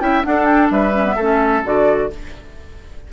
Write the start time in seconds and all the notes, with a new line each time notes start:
0.00 C#4 E4 E5 G5
0.23 D4 A4 F#5
0.45 G5
0.70 G3 B4 E5
0.94 C#4
1.05 B3
1.16 A3 C#4 A4
1.63 D3 F#4 D5